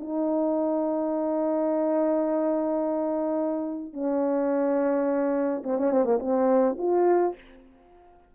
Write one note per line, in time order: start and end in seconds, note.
0.00 3.93 D#4
3.93 5.63 C#4
5.64 5.78 C4
5.78 5.92 C#4
5.92 6.05 C4
6.05 6.19 A#3
6.20 6.77 C4
6.78 7.35 F4